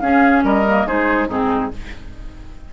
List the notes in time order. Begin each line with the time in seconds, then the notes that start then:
0.00 C#4 G#4 F5
0.43 G3 A#4 D#5
0.68 A#3
0.87 G#3 D#4 G#4 C5
1.28 G#2 C4 D#4 G#4